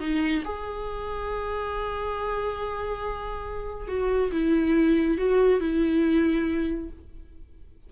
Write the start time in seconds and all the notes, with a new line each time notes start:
0.00 D#4
0.45 G#4
3.88 F#4
4.32 E4
5.18 F#4
5.61 E4